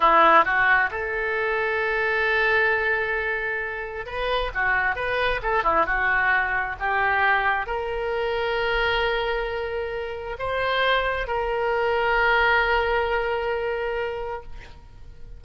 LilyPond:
\new Staff \with { instrumentName = "oboe" } { \time 4/4 \tempo 4 = 133 e'4 fis'4 a'2~ | a'1~ | a'4 b'4 fis'4 b'4 | a'8 e'8 fis'2 g'4~ |
g'4 ais'2.~ | ais'2. c''4~ | c''4 ais'2.~ | ais'1 | }